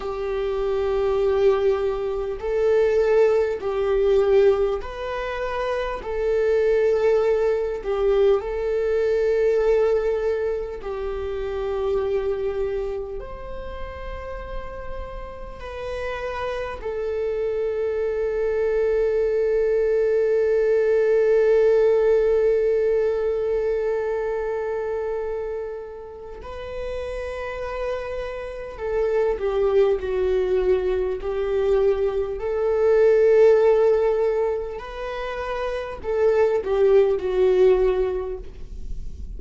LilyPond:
\new Staff \with { instrumentName = "viola" } { \time 4/4 \tempo 4 = 50 g'2 a'4 g'4 | b'4 a'4. g'8 a'4~ | a'4 g'2 c''4~ | c''4 b'4 a'2~ |
a'1~ | a'2 b'2 | a'8 g'8 fis'4 g'4 a'4~ | a'4 b'4 a'8 g'8 fis'4 | }